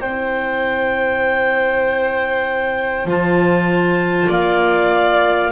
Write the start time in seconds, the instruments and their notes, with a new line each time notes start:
0.00 double bass C4, clarinet E4 G5, violin C5
3.05 double bass F3, clarinet F4 A5
4.29 double bass A#3, violin D5, clarinet F5